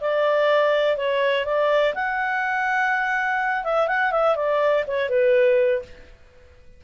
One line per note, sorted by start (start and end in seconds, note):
0.00 0.96 D5
0.96 1.45 C#5
1.45 1.94 D5
1.94 3.64 F#5
3.64 3.87 E5
3.87 4.12 F#5
4.12 4.35 E5
4.35 4.84 D5
4.87 5.09 C#5
5.09 5.82 B4